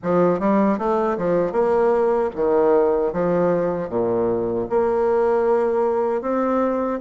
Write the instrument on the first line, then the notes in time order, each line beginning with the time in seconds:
bassoon
0.02 F3
0.39 G3
0.78 A3
1.17 F3
1.52 A#3
2.35 D#3
3.12 F3
3.89 A#2
4.69 A#3
6.21 C4